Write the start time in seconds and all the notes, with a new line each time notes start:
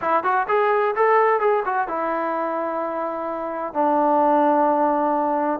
0.01 E4
0.23 F#4
0.48 G#4
0.95 A4
1.39 G#4
1.65 F#4
1.87 E4
3.73 D4